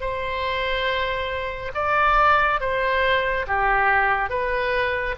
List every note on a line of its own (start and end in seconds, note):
0.00 1.71 C5
1.74 2.60 D5
2.60 3.46 C5
3.47 4.29 G4
4.29 5.15 B4